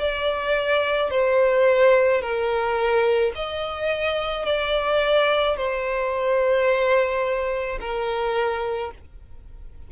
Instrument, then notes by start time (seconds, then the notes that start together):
violin
0.00 D5
1.11 C5
2.22 A#4
3.36 D#5
4.46 D5
5.57 C5
7.81 A#4